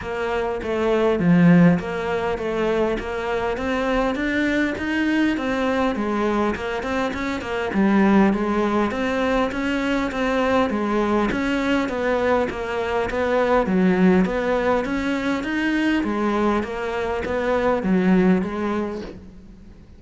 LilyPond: \new Staff \with { instrumentName = "cello" } { \time 4/4 \tempo 4 = 101 ais4 a4 f4 ais4 | a4 ais4 c'4 d'4 | dis'4 c'4 gis4 ais8 c'8 | cis'8 ais8 g4 gis4 c'4 |
cis'4 c'4 gis4 cis'4 | b4 ais4 b4 fis4 | b4 cis'4 dis'4 gis4 | ais4 b4 fis4 gis4 | }